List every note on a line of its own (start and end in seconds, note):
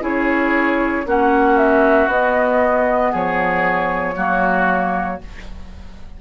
0.00 1.05 C#4
0.00 1.03 E4
0.00 1.06 G#4
0.00 1.08 C#5
1.06 2.07 A#3
1.06 2.09 C#4
1.06 3.12 F#4
1.06 1.58 F#5
1.58 2.09 E5
2.07 3.11 B3
2.07 4.16 B3
2.07 3.14 D#5
3.12 4.17 F3
3.12 4.15 G#4
3.12 5.21 C#5
4.16 5.20 F#3
4.16 5.20 A#3
4.16 5.20 F#4